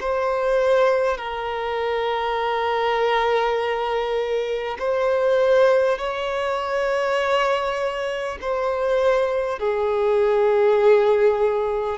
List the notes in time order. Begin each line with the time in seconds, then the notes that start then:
0.00 C5
1.17 A#4
4.79 C5
5.98 C#5
8.41 C5
9.59 G#4